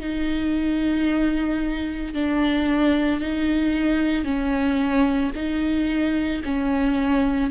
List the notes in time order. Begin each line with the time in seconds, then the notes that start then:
0.00 D#4
2.14 D4
3.20 D#4
4.24 C#4
5.35 D#4
6.44 C#4